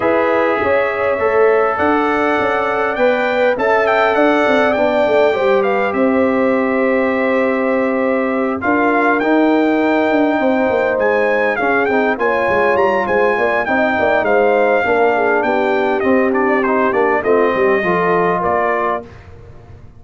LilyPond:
<<
  \new Staff \with { instrumentName = "trumpet" } { \time 4/4 \tempo 4 = 101 e''2. fis''4~ | fis''4 g''4 a''8 g''8 fis''4 | g''4. f''8 e''2~ | e''2~ e''8 f''4 g''8~ |
g''2~ g''8 gis''4 f''8 | g''8 gis''4 ais''8 gis''4 g''4 | f''2 g''4 dis''8 d''8 | c''8 d''8 dis''2 d''4 | }
  \new Staff \with { instrumentName = "horn" } { \time 4/4 b'4 cis''2 d''4~ | d''2 e''4 d''4~ | d''4 c''8 b'8 c''2~ | c''2~ c''8 ais'4.~ |
ais'4. c''2 gis'8~ | gis'8 cis''4. c''8 d''8 dis''8 d''8 | c''4 ais'8 gis'8 g'2~ | g'4 f'8 g'8 a'4 ais'4 | }
  \new Staff \with { instrumentName = "trombone" } { \time 4/4 gis'2 a'2~ | a'4 b'4 a'2 | d'4 g'2.~ | g'2~ g'8 f'4 dis'8~ |
dis'2.~ dis'8 cis'8 | dis'8 f'2~ f'8 dis'4~ | dis'4 d'2 c'8 d'8 | dis'8 d'8 c'4 f'2 | }
  \new Staff \with { instrumentName = "tuba" } { \time 4/4 e'4 cis'4 a4 d'4 | cis'4 b4 cis'4 d'8 c'8 | b8 a8 g4 c'2~ | c'2~ c'8 d'4 dis'8~ |
dis'4 d'8 c'8 ais8 gis4 cis'8 | c'8 ais8 gis8 g8 gis8 ais8 c'8 ais8 | gis4 ais4 b4 c'4~ | c'8 ais8 a8 g8 f4 ais4 | }
>>